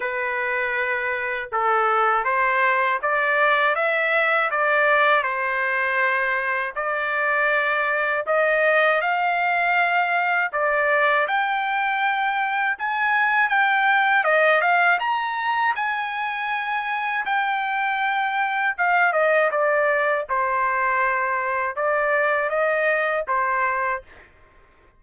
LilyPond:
\new Staff \with { instrumentName = "trumpet" } { \time 4/4 \tempo 4 = 80 b'2 a'4 c''4 | d''4 e''4 d''4 c''4~ | c''4 d''2 dis''4 | f''2 d''4 g''4~ |
g''4 gis''4 g''4 dis''8 f''8 | ais''4 gis''2 g''4~ | g''4 f''8 dis''8 d''4 c''4~ | c''4 d''4 dis''4 c''4 | }